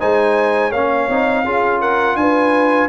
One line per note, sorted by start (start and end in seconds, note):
0.00 0.72 G#3
0.00 0.72 D#4
0.00 0.70 C5
0.00 0.72 G#5
0.70 1.09 A#3
0.70 1.11 C#4
0.70 1.43 C#5
0.70 1.81 F5
1.09 1.45 C4
1.09 1.46 D#4
1.45 2.16 C#4
1.45 2.89 F4
1.45 1.81 G#4
1.81 2.17 A#4
1.81 2.17 F#5
2.16 2.88 D4
2.16 2.89 B4
2.16 2.89 G#5